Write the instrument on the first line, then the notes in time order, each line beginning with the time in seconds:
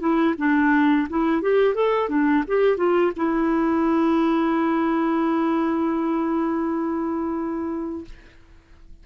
clarinet
0.00 E4
0.38 D4
1.10 E4
1.42 G4
1.75 A4
2.09 D4
2.48 G4
2.77 F4
3.16 E4